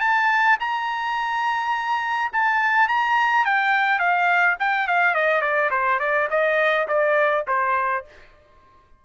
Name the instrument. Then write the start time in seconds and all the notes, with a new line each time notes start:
trumpet
0.00 A5
0.60 A#5
2.32 A5
2.88 A#5
3.45 G5
3.99 F5
4.59 G5
4.88 F5
5.15 D#5
5.41 D5
5.71 C5
5.99 D5
6.30 D#5
6.88 D5
7.47 C5